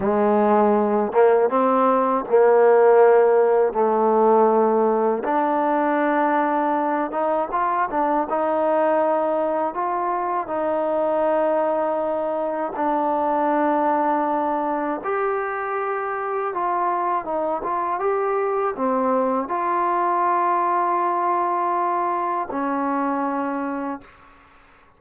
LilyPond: \new Staff \with { instrumentName = "trombone" } { \time 4/4 \tempo 4 = 80 gis4. ais8 c'4 ais4~ | ais4 a2 d'4~ | d'4. dis'8 f'8 d'8 dis'4~ | dis'4 f'4 dis'2~ |
dis'4 d'2. | g'2 f'4 dis'8 f'8 | g'4 c'4 f'2~ | f'2 cis'2 | }